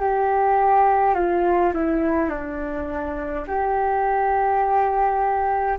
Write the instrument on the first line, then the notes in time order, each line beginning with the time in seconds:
flute
0.00 G4
1.14 F4
1.74 E4
2.29 D4
3.47 G4